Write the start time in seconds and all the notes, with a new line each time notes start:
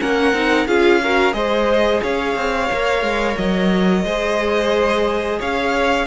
0.00 A#3 C#4 A#4 F#5
0.33 C4 D#4
0.68 C#4 F4 G#4 F5
1.03 F#4 A#4
1.33 G#3 G#4 C5 D#5
2.03 C#4 C#5 F5
2.36 C4
2.72 A#3 A#4
3.02 G#3
3.37 F#3 D#5
4.04 G#3 G#4 C5
5.39 C#4 C#5 F5